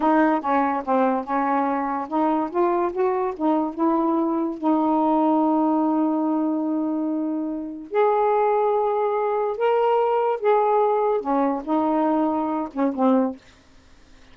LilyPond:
\new Staff \with { instrumentName = "saxophone" } { \time 4/4 \tempo 4 = 144 dis'4 cis'4 c'4 cis'4~ | cis'4 dis'4 f'4 fis'4 | dis'4 e'2 dis'4~ | dis'1~ |
dis'2. gis'4~ | gis'2. ais'4~ | ais'4 gis'2 cis'4 | dis'2~ dis'8 cis'8 c'4 | }